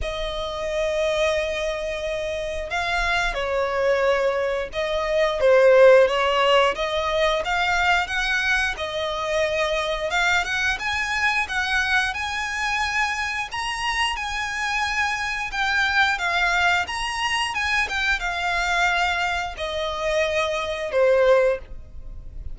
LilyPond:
\new Staff \with { instrumentName = "violin" } { \time 4/4 \tempo 4 = 89 dis''1 | f''4 cis''2 dis''4 | c''4 cis''4 dis''4 f''4 | fis''4 dis''2 f''8 fis''8 |
gis''4 fis''4 gis''2 | ais''4 gis''2 g''4 | f''4 ais''4 gis''8 g''8 f''4~ | f''4 dis''2 c''4 | }